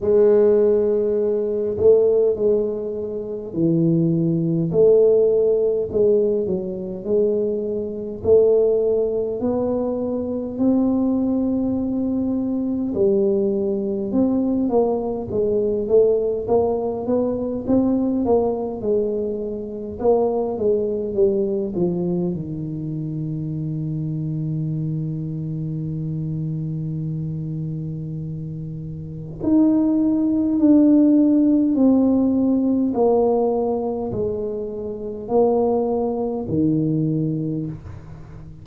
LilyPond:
\new Staff \with { instrumentName = "tuba" } { \time 4/4 \tempo 4 = 51 gis4. a8 gis4 e4 | a4 gis8 fis8 gis4 a4 | b4 c'2 g4 | c'8 ais8 gis8 a8 ais8 b8 c'8 ais8 |
gis4 ais8 gis8 g8 f8 dis4~ | dis1~ | dis4 dis'4 d'4 c'4 | ais4 gis4 ais4 dis4 | }